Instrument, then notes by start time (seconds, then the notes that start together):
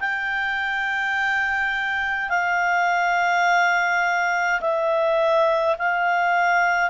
clarinet
0.00 G5
2.30 F5
4.61 E5
5.78 F5